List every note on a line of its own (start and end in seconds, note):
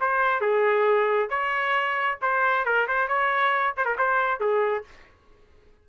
0.00 0.40 C5
0.40 1.29 G#4
1.29 2.18 C#5
2.21 2.65 C5
2.65 2.87 A#4
2.87 3.07 C5
3.07 3.74 C#5
3.77 3.85 C5
3.85 3.96 A#4
3.98 4.40 C5
4.40 4.84 G#4